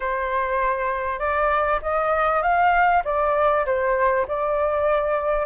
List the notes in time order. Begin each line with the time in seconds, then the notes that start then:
0.00 C5
1.19 D5
1.82 D#5
2.42 F5
3.04 D5
3.65 C5
4.27 D5